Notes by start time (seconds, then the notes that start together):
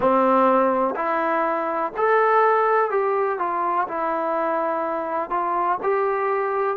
0.00 C4
0.95 E4
1.97 A4
2.90 G4
3.39 F4
3.88 E4
5.30 F4
5.82 G4